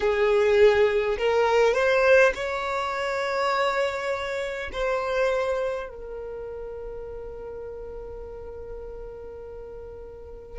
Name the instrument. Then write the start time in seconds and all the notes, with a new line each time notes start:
violin
0.00 G#4
1.18 A#4
1.73 C5
2.35 C#5
4.72 C5
5.89 A#4